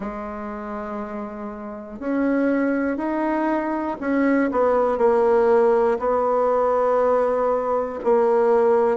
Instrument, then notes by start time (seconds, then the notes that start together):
bassoon
0.00 G#3
2.00 C#4
2.97 D#4
4.00 C#4
4.51 B3
4.98 A#3
5.99 B3
8.04 A#3